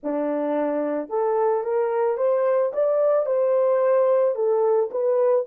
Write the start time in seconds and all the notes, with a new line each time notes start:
0.03 D4
1.09 A4
1.63 A#4
2.17 C5
2.73 D5
3.26 C5
4.35 A4
4.91 B4